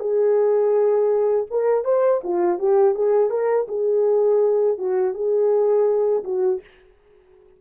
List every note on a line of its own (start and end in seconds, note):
0.00 1.46 G#4
1.51 1.85 A#4
1.85 2.22 C5
2.24 2.59 F4
2.59 2.95 G4
2.95 3.30 G#4
3.30 3.67 A#4
3.69 4.78 G#4
4.78 5.14 F#4
5.14 6.24 G#4
6.24 6.61 F#4